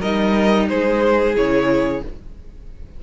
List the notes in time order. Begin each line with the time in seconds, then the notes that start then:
0.00 G3 D#4 A#4 D#5
0.69 G#3 G#4 C5
1.36 C#3 E4 C#5